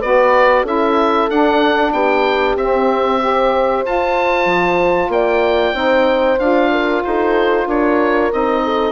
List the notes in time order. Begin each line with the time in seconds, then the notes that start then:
0.00 B3 F#4 B4 D5
0.64 C#4 E4 A4 E5
1.31 D4 F#5
1.93 B3 G4 G5
2.56 C4 E5
3.21 G4 C5
3.85 F4 A5
4.46 F3
5.09 A#3 D5 G5
5.74 C4 D#4 C5
6.39 D4 F4 F5
6.72 A#4
7.04 D#4 A4 C5
7.67 D4 A#4 C#5
8.32 C4 D#4 D#5
8.65 A4